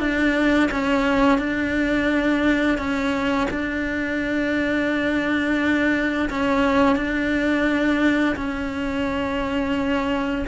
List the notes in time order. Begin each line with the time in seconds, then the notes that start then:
0.00 D4
0.72 C#4
1.39 D4
2.78 C#4
3.50 D4
6.30 C#4
6.96 D4
8.36 C#4